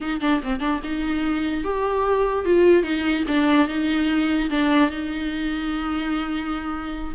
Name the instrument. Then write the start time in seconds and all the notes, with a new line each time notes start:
viola
0.00 D#4
0.20 D4
0.43 C4
0.60 D4
0.83 D#4
1.64 G4
2.45 F4
2.83 D#4
3.27 D4
3.67 D#4
4.50 D4
4.90 D#4